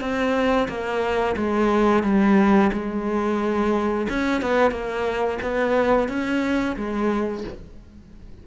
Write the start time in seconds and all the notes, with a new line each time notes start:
0.00 C4
0.68 A#3
1.36 G#3
2.03 G3
2.72 G#3
4.09 C#4
4.41 B3
4.71 A#3
5.42 B3
6.08 C#4
6.76 G#3